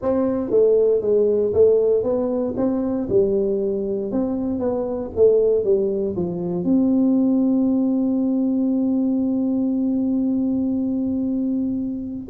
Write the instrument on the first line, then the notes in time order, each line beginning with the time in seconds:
tuba
0.02 C4
0.50 A3
1.01 G#3
1.53 A3
2.03 B3
2.56 C4
3.09 G3
4.11 C4
4.59 B3
5.15 A3
5.64 G3
6.16 F3
6.64 C4